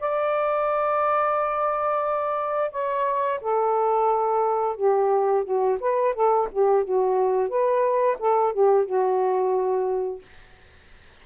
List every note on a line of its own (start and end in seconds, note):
0.00 2.71 D5
2.71 3.40 C#5
3.41 4.76 A4
4.76 5.44 G4
5.44 5.78 F#4
5.80 6.14 B4
6.14 6.48 A4
6.52 6.84 G4
6.84 7.49 F#4
7.49 8.17 B4
8.19 8.53 A4
8.53 8.85 G4
8.85 10.22 F#4